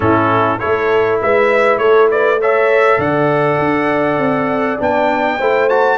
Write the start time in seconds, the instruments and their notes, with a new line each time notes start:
0.00 tuba A2, trombone C#4, horn E4, trumpet A4
0.59 tuba A3, trombone E4, horn A4, trumpet C#5
1.21 tuba G#3, horn B4, trumpet E5
1.78 tuba A3, horn A4, trumpet C#5
2.10 horn B4, trumpet D5
2.40 trombone A4, horn C#5, trumpet E5
2.98 tuba D3, horn D5, trumpet F#5
3.58 tuba D4
4.17 tuba C4
4.79 tuba B3, trombone D4, trumpet G5
5.38 tuba A3, trombone E4, horn C5
5.69 trombone F#4, trumpet A5